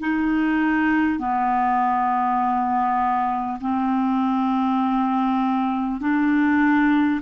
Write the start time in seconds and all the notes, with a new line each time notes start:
0.00 D#4
1.19 B3
3.61 C4
6.01 D4